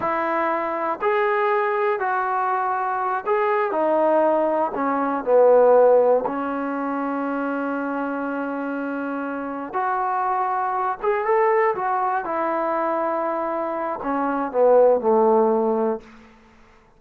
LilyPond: \new Staff \with { instrumentName = "trombone" } { \time 4/4 \tempo 4 = 120 e'2 gis'2 | fis'2~ fis'8 gis'4 dis'8~ | dis'4. cis'4 b4.~ | b8 cis'2.~ cis'8~ |
cis'2.~ cis'8 fis'8~ | fis'2 gis'8 a'4 fis'8~ | fis'8 e'2.~ e'8 | cis'4 b4 a2 | }